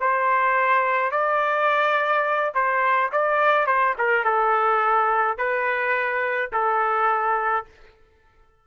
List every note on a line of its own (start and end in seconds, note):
0.00 1.11 C5
1.11 2.53 D5
2.54 3.11 C5
3.12 3.67 D5
3.67 3.95 C5
3.98 4.25 A#4
4.25 5.38 A4
5.38 6.51 B4
6.52 7.66 A4